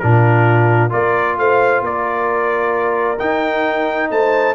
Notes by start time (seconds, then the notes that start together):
0.00 A#2 D4 F4 A#4
0.90 A#3 F4 A#4 D5
1.38 A3 C5 F5
1.82 A#3 A#4 D5
3.19 D#4 G5
4.11 A3 C5 A5